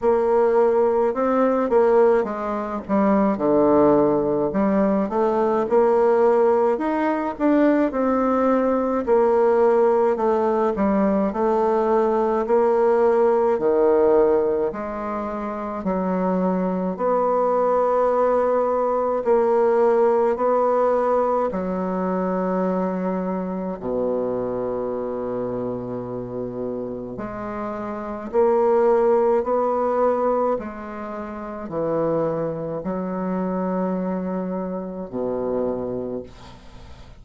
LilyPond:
\new Staff \with { instrumentName = "bassoon" } { \time 4/4 \tempo 4 = 53 ais4 c'8 ais8 gis8 g8 d4 | g8 a8 ais4 dis'8 d'8 c'4 | ais4 a8 g8 a4 ais4 | dis4 gis4 fis4 b4~ |
b4 ais4 b4 fis4~ | fis4 b,2. | gis4 ais4 b4 gis4 | e4 fis2 b,4 | }